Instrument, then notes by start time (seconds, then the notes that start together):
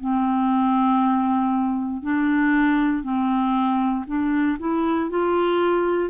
clarinet
0.00 C4
2.02 D4
3.03 C4
4.07 D4
4.59 E4
5.10 F4